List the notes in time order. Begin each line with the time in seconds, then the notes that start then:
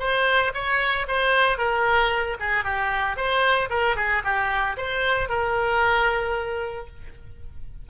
0.00 C5
0.55 C#5
1.08 C5
1.58 A#4
2.40 G#4
2.65 G4
3.17 C5
3.70 A#4
3.97 G#4
4.25 G4
4.78 C5
5.29 A#4